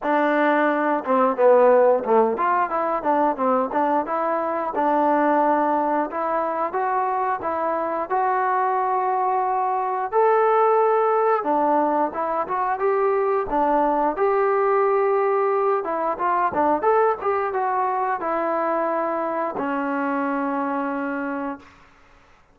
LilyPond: \new Staff \with { instrumentName = "trombone" } { \time 4/4 \tempo 4 = 89 d'4. c'8 b4 a8 f'8 | e'8 d'8 c'8 d'8 e'4 d'4~ | d'4 e'4 fis'4 e'4 | fis'2. a'4~ |
a'4 d'4 e'8 fis'8 g'4 | d'4 g'2~ g'8 e'8 | f'8 d'8 a'8 g'8 fis'4 e'4~ | e'4 cis'2. | }